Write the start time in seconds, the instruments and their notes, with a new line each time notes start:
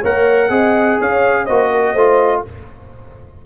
0.00 tuba A#3, trombone A#4, horn C#5, trumpet F#5
0.49 tuba C4, trombone G#4, horn D#5
1.00 tuba C#4, horn C#5, trumpet F5
1.45 tuba A#3, trombone F#4, horn C5, trumpet D#5
1.71 horn A#4
1.92 tuba A3, trombone F4, horn C5